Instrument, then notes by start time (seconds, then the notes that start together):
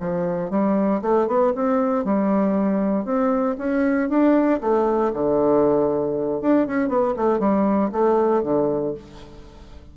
bassoon
0.00 F3
0.50 G3
1.01 A3
1.27 B3
1.55 C4
2.04 G3
3.04 C4
3.58 C#4
4.09 D4
4.61 A3
5.13 D3
6.41 D4
6.67 C#4
6.88 B3
7.16 A3
7.39 G3
7.92 A3
8.43 D3